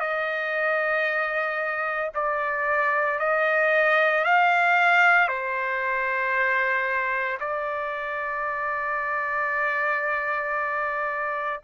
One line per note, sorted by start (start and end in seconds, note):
0.00 2.11 D#5
2.14 3.19 D5
3.19 4.24 D#5
4.24 5.27 F5
5.27 7.38 C5
7.40 11.61 D5